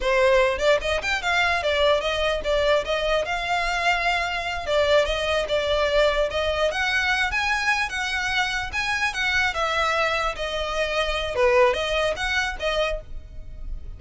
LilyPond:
\new Staff \with { instrumentName = "violin" } { \time 4/4 \tempo 4 = 148 c''4. d''8 dis''8 g''8 f''4 | d''4 dis''4 d''4 dis''4 | f''2.~ f''8 d''8~ | d''8 dis''4 d''2 dis''8~ |
dis''8 fis''4. gis''4. fis''8~ | fis''4. gis''4 fis''4 e''8~ | e''4. dis''2~ dis''8 | b'4 dis''4 fis''4 dis''4 | }